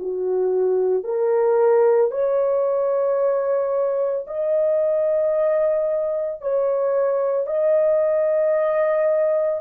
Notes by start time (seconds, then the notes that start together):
0.00 F#4
1.04 A#4
2.11 C#5
4.27 D#5
6.42 C#5
7.47 D#5